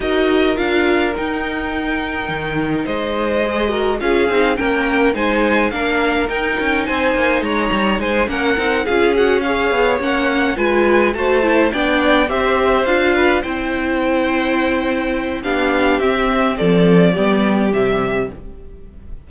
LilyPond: <<
  \new Staff \with { instrumentName = "violin" } { \time 4/4 \tempo 4 = 105 dis''4 f''4 g''2~ | g''4 dis''2 f''4 | g''4 gis''4 f''4 g''4 | gis''4 ais''4 gis''8 fis''4 f''8 |
fis''8 f''4 fis''4 gis''4 a''8~ | a''8 g''4 e''4 f''4 g''8~ | g''2. f''4 | e''4 d''2 e''4 | }
  \new Staff \with { instrumentName = "violin" } { \time 4/4 ais'1~ | ais'4 c''4. ais'8 gis'4 | ais'4 c''4 ais'2 | c''4 cis''4 c''8 ais'4 gis'8~ |
gis'8 cis''2 b'4 c''8~ | c''8 d''4 c''4. b'8 c''8~ | c''2. g'4~ | g'4 a'4 g'2 | }
  \new Staff \with { instrumentName = "viola" } { \time 4/4 fis'4 f'4 dis'2~ | dis'2 gis'8 fis'8 f'8 dis'8 | cis'4 dis'4 d'4 dis'4~ | dis'2~ dis'8 cis'8 dis'8 f'8 |
fis'8 gis'4 cis'4 f'4 fis'8 | e'8 d'4 g'4 f'4 e'8~ | e'2. d'4 | c'2 b4 g4 | }
  \new Staff \with { instrumentName = "cello" } { \time 4/4 dis'4 d'4 dis'2 | dis4 gis2 cis'8 c'8 | ais4 gis4 ais4 dis'8 cis'8 | c'8 ais8 gis8 g8 gis8 ais8 c'8 cis'8~ |
cis'4 b8 ais4 gis4 a8~ | a8 b4 c'4 d'4 c'8~ | c'2. b4 | c'4 f4 g4 c4 | }
>>